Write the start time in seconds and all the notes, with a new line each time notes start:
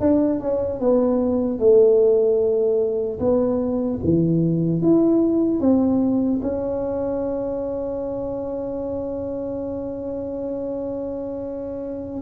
0.00 D4
0.40 C#4
0.80 B3
1.59 A3
3.20 B3
4.04 E3
4.82 E4
5.60 C4
6.42 C#4